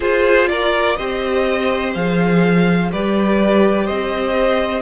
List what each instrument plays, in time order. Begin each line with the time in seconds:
0.00 viola F4, cello F4, violin G#4 C5
0.47 violin A#4 D5
0.96 cello C4, viola G4, violin C5 D#5
1.94 cello F3, viola G#4, violin F5
2.91 cello G3, viola G4, violin B4 D5
3.85 cello C4, violin C5 D#5